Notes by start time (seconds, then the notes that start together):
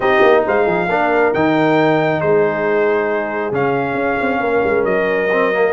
0.00 C4 D#4 G4 D#5
0.22 A#3
0.45 G#3 C5 F5
0.65 F3 G#4
0.88 A#3 D4 A#4
1.33 D#3 D#4 G5
2.20 G#3 G#4 C5
3.51 C#3 C#4 F5
3.94 C#4
4.20 C4
4.40 A#3 A#4
4.63 G#3
4.84 F#3 D#5
5.31 C4
5.53 A#3